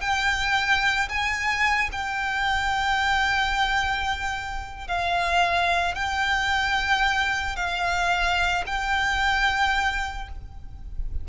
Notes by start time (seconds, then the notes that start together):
0.00 G5
1.08 G#5
1.92 G5
4.87 F5
5.94 G5
7.56 F5
8.66 G5